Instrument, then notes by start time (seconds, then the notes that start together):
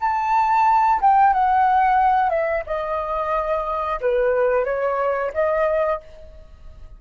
flute
0.00 A5
1.01 G5
1.33 F#5
2.29 E5
2.66 D#5
4.01 B4
4.65 C#5
5.33 D#5